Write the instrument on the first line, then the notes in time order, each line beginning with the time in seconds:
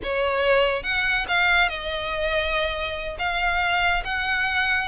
violin
0.03 C#5
0.83 F#5
1.28 F5
1.68 D#5
3.18 F5
4.04 F#5